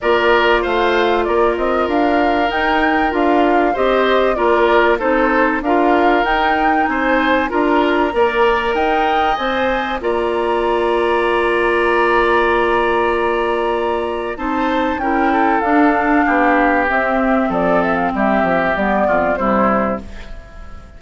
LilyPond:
<<
  \new Staff \with { instrumentName = "flute" } { \time 4/4 \tempo 4 = 96 d''4 f''4 d''8 dis''8 f''4 | g''4 f''4 dis''4 d''4 | c''4 f''4 g''4 gis''4 | ais''2 g''4 gis''4 |
ais''1~ | ais''2. a''4 | g''4 f''2 e''4 | d''8 e''16 f''16 e''4 d''4 c''4 | }
  \new Staff \with { instrumentName = "oboe" } { \time 4/4 ais'4 c''4 ais'2~ | ais'2 c''4 ais'4 | a'4 ais'2 c''4 | ais'4 d''4 dis''2 |
d''1~ | d''2. c''4 | ais'8 a'4. g'2 | a'4 g'4. f'8 e'4 | }
  \new Staff \with { instrumentName = "clarinet" } { \time 4/4 f'1 | dis'4 f'4 g'4 f'4 | dis'4 f'4 dis'2 | f'4 ais'2 c''4 |
f'1~ | f'2. dis'4 | e'4 d'2 c'4~ | c'2 b4 g4 | }
  \new Staff \with { instrumentName = "bassoon" } { \time 4/4 ais4 a4 ais8 c'8 d'4 | dis'4 d'4 c'4 ais4 | c'4 d'4 dis'4 c'4 | d'4 ais4 dis'4 c'4 |
ais1~ | ais2. c'4 | cis'4 d'4 b4 c'4 | f4 g8 f8 g8 f,8 c4 | }
>>